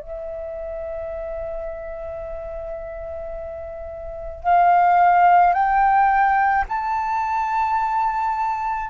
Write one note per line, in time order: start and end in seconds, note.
0.00 4.44 E5
4.44 5.54 F5
5.54 6.65 G5
6.69 8.90 A5